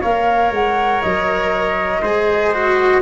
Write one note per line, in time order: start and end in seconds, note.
0.00 0.51 A#3
0.00 2.02 A#4
0.00 2.00 C#5
0.00 0.52 F5
0.51 1.01 G#3
0.51 1.01 F#5
1.01 2.02 F#3
1.01 3.01 D#5
2.02 3.01 G#3
2.02 2.53 G#4
2.02 3.01 C5
2.53 3.01 F#4